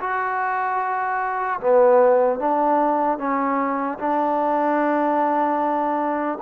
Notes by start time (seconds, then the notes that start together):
0.00 F#4
1.60 B3
2.40 D4
3.18 C#4
3.99 D4